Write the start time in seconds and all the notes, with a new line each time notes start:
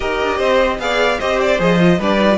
0.00 D#4 G4 A#4 D#5
0.21 D4
0.37 C4 C5
0.79 B3 G#4 D5 F5
1.19 C4 G4 C5 D#5
1.40 D5
1.59 F3 G#4 D#5
1.80 F4
1.98 G3 D4 B4 D5
2.18 D#4
2.31 F4